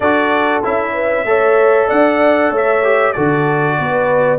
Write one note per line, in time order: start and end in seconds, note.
0.00 0.62 D4
0.00 0.63 F#4
0.00 0.93 A4
0.00 0.62 D5
0.63 1.24 C#4
0.63 1.26 E4
0.63 1.89 E5
0.93 1.24 B4
1.24 1.87 A3
1.24 2.83 A4
1.24 1.87 C#5
1.87 2.50 D4
1.87 2.50 D5
1.87 2.52 F#5
2.50 3.13 A3
2.50 3.13 C#5
2.57 3.12 E5
2.83 3.14 G4
3.12 3.79 D3
3.12 4.39 F#4
3.12 3.77 A4
3.12 4.39 D5
3.78 4.39 B3
3.78 4.39 B4